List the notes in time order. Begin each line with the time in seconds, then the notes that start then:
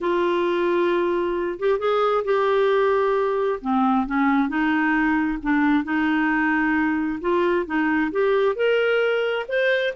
0.00 F4
1.59 G4
1.79 G#4
2.24 G4
3.61 C4
4.06 C#4
4.48 D#4
5.42 D4
5.84 D#4
7.20 F4
7.65 D#4
8.11 G4
8.55 A#4
9.48 C5